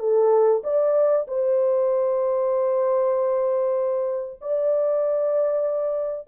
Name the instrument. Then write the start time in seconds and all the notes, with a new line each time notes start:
horn
0.00 A4
0.64 D5
1.28 C5
4.41 D5